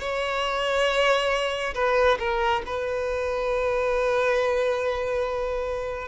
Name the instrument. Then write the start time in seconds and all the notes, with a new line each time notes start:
violin
0.00 C#5
1.74 B4
2.19 A#4
2.66 B4